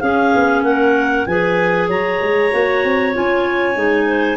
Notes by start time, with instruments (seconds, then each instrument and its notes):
0.00 tuba C#4, clarinet C#4 G#4 F5
0.35 tuba B3
0.63 tuba A#3, clarinet A#4 F#5
1.26 tuba F3, clarinet G#4 B4 G#5
1.88 tuba F#3, clarinet C#5 A#5
2.21 tuba G#3
2.51 tuba A#3, clarinet F#4
2.84 tuba C4
3.13 tuba C#4, clarinet F4 G#5
3.75 tuba G#3, clarinet D#4
4.07 clarinet C5